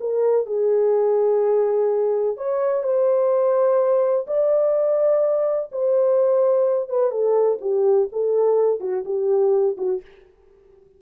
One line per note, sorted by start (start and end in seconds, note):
0.00 0.46 A#4
0.46 2.37 G#4
2.37 2.83 C#5
2.83 4.26 C5
4.27 5.70 D5
5.72 6.89 C5
6.89 7.11 B4
7.11 7.58 A4
7.61 8.08 G4
8.12 8.80 A4
8.80 9.04 F#4
9.05 9.76 G4
9.77 10.01 F#4